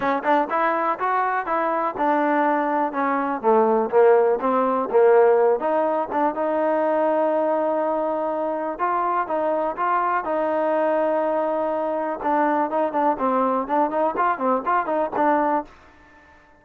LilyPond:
\new Staff \with { instrumentName = "trombone" } { \time 4/4 \tempo 4 = 123 cis'8 d'8 e'4 fis'4 e'4 | d'2 cis'4 a4 | ais4 c'4 ais4. dis'8~ | dis'8 d'8 dis'2.~ |
dis'2 f'4 dis'4 | f'4 dis'2.~ | dis'4 d'4 dis'8 d'8 c'4 | d'8 dis'8 f'8 c'8 f'8 dis'8 d'4 | }